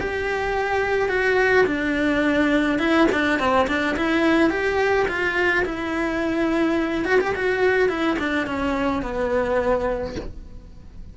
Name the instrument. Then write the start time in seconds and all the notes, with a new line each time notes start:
cello
0.00 G4
1.09 F#4
1.67 D4
2.79 E4
3.12 D4
3.39 C4
3.68 D4
3.97 E4
4.50 G4
5.08 F4
5.66 E4
7.05 F#4
7.21 G4
7.36 F#4
7.89 E4
8.19 D4
8.47 C#4
9.03 B3